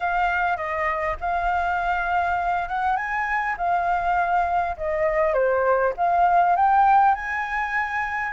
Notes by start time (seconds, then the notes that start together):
0.00 F5
0.56 D#5
1.20 F5
2.68 F#5
2.96 G#5
3.57 F5
4.77 D#5
5.33 C5
5.96 F5
6.56 G5
7.14 G#5